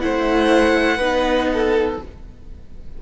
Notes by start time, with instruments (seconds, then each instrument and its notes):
0.00 cello A3, viola E4, violin C5 F#5
0.97 cello B3, viola D#4, violin B4
1.53 violin A4